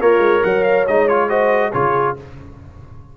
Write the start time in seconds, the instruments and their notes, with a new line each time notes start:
0.00 tuba A#3, horn F4, trombone A#4, trumpet C#5
0.18 tuba G#3
0.44 tuba F#3, horn C#5, trumpet F#5
0.64 trumpet F5
0.88 tuba G#3, trombone D#4, trumpet D#5
1.08 trombone F4, trumpet C#5
1.29 trombone F#4, horn C5, trumpet D#5
1.73 tuba C#3, trombone F4, horn G#4, trumpet C#5